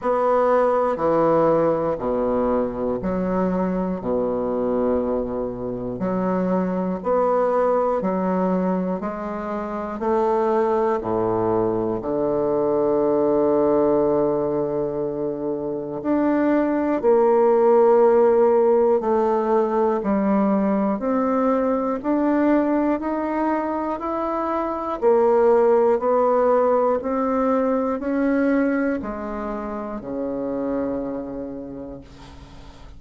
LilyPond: \new Staff \with { instrumentName = "bassoon" } { \time 4/4 \tempo 4 = 60 b4 e4 b,4 fis4 | b,2 fis4 b4 | fis4 gis4 a4 a,4 | d1 |
d'4 ais2 a4 | g4 c'4 d'4 dis'4 | e'4 ais4 b4 c'4 | cis'4 gis4 cis2 | }